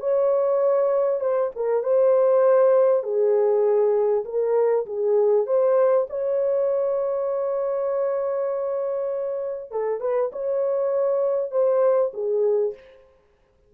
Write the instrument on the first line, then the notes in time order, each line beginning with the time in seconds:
horn
0.00 C#5
1.21 C5
1.56 A#4
1.83 C5
3.03 G#4
4.25 A#4
4.86 G#4
5.47 C5
6.10 C#5
9.71 A4
10.01 B4
10.32 C#5
11.51 C5
12.13 G#4